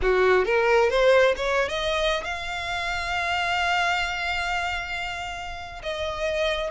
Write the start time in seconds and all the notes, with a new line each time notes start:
0.02 F#4
0.45 A#4
0.90 C5
1.36 C#5
1.69 D#5
2.23 F5
5.82 D#5